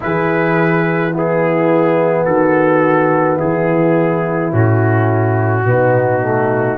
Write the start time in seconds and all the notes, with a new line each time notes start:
0.00 E3 E4 G#4 B4
1.13 B3 E4 G#4
2.24 D#3 F#4 A4
3.37 E4 G#4
3.43 E3
4.52 A2 C#4 F#4
5.65 B2 B3 D#4
6.21 A3